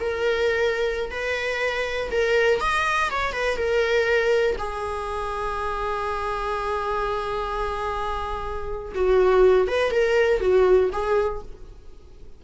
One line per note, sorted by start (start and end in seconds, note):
0.00 1.11 A#4
1.11 2.10 B4
2.11 2.60 A#4
2.60 3.10 D#5
3.11 3.32 C#5
3.32 3.57 B4
3.57 4.56 A#4
4.58 8.92 G#4
8.95 9.68 F#4
9.68 9.91 B4
9.91 10.40 A#4
10.40 10.90 F#4
10.92 11.42 G#4